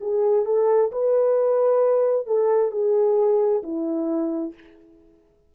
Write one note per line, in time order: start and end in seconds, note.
0.00 0.45 G#4
0.45 0.90 A4
0.92 2.26 B4
2.26 2.71 A4
2.71 3.62 G#4
3.62 4.53 E4